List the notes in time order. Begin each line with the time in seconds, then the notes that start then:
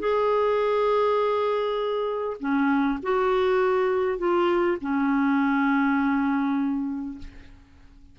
0.00 G#4
2.40 C#4
3.03 F#4
4.19 F4
4.81 C#4